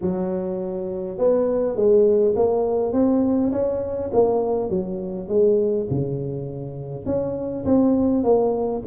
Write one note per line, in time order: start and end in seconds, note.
0.01 1.18 F#3
1.18 1.76 B3
1.76 2.34 G#3
2.36 2.92 A#3
2.92 3.51 C4
3.52 4.10 C#4
4.13 4.69 A#3
4.69 5.28 F#3
5.28 5.87 G#3
5.90 7.05 C#3
7.05 7.64 C#4
7.65 8.23 C4
8.23 8.82 A#3